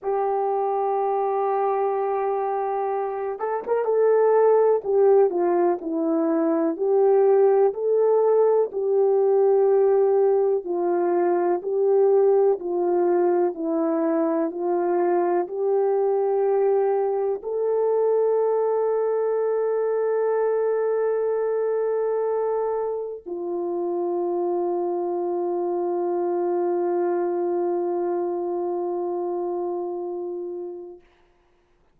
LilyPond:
\new Staff \with { instrumentName = "horn" } { \time 4/4 \tempo 4 = 62 g'2.~ g'8 a'16 ais'16 | a'4 g'8 f'8 e'4 g'4 | a'4 g'2 f'4 | g'4 f'4 e'4 f'4 |
g'2 a'2~ | a'1 | f'1~ | f'1 | }